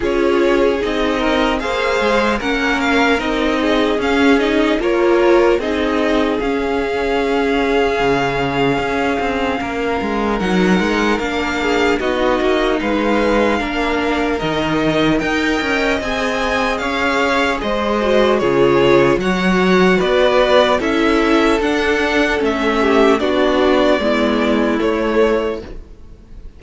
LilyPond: <<
  \new Staff \with { instrumentName = "violin" } { \time 4/4 \tempo 4 = 75 cis''4 dis''4 f''4 fis''8 f''8 | dis''4 f''8 dis''8 cis''4 dis''4 | f''1~ | f''4 fis''4 f''4 dis''4 |
f''2 dis''4 g''4 | gis''4 f''4 dis''4 cis''4 | fis''4 d''4 e''4 fis''4 | e''4 d''2 cis''4 | }
  \new Staff \with { instrumentName = "violin" } { \time 4/4 gis'4. ais'8 c''4 ais'4~ | ais'8 gis'4. ais'4 gis'4~ | gis'1 | ais'2~ ais'8 gis'8 fis'4 |
b'4 ais'2 dis''4~ | dis''4 cis''4 c''4 gis'4 | cis''4 b'4 a'2~ | a'8 g'8 fis'4 e'2 | }
  \new Staff \with { instrumentName = "viola" } { \time 4/4 f'4 dis'4 gis'4 cis'4 | dis'4 cis'8 dis'8 f'4 dis'4 | cis'1~ | cis'4 dis'4 d'4 dis'4~ |
dis'4 d'4 dis'4 ais'4 | gis'2~ gis'8 fis'8 f'4 | fis'2 e'4 d'4 | cis'4 d'4 b4 a4 | }
  \new Staff \with { instrumentName = "cello" } { \time 4/4 cis'4 c'4 ais8 gis8 ais4 | c'4 cis'4 ais4 c'4 | cis'2 cis4 cis'8 c'8 | ais8 gis8 fis8 gis8 ais4 b8 ais8 |
gis4 ais4 dis4 dis'8 cis'8 | c'4 cis'4 gis4 cis4 | fis4 b4 cis'4 d'4 | a4 b4 gis4 a4 | }
>>